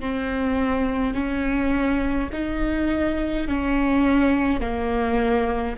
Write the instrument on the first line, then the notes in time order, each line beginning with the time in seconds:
viola
0.00 C4
1.14 C#4
2.32 D#4
3.47 C#4
4.60 A#3